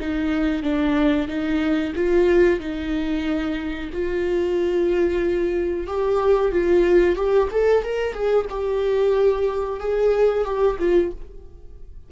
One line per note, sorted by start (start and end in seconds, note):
0.00 0.63 D#4
0.63 1.28 D4
1.28 1.93 D#4
1.96 2.60 F4
2.60 3.90 D#4
3.93 5.88 F4
5.88 6.52 G4
6.52 7.16 F4
7.16 7.49 G4
7.51 7.83 A4
7.83 8.14 A#4
8.14 8.46 G#4
8.50 9.80 G4
9.80 10.45 G#4
10.45 10.78 G4
10.79 11.12 F4